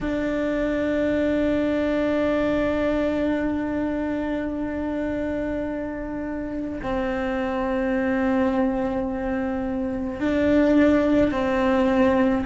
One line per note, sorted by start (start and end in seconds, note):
0.01 6.80 D4
6.82 10.19 C4
10.19 11.31 D4
11.31 12.44 C4